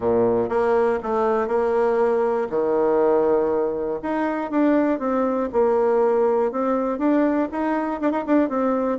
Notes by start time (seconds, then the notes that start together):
0.00 A#2
0.49 A#3
1.02 A3
1.47 A#3
2.50 D#3
4.02 D#4
4.50 D4
4.99 C4
5.52 A#3
6.51 C4
6.98 D4
7.51 D#4
8.00 D4
8.11 D#4
8.26 D4
8.49 C4